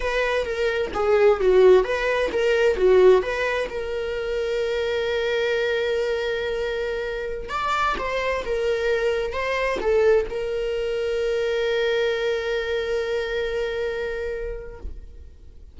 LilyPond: \new Staff \with { instrumentName = "viola" } { \time 4/4 \tempo 4 = 130 b'4 ais'4 gis'4 fis'4 | b'4 ais'4 fis'4 b'4 | ais'1~ | ais'1~ |
ais'16 d''4 c''4 ais'4.~ ais'16~ | ais'16 c''4 a'4 ais'4.~ ais'16~ | ais'1~ | ais'1 | }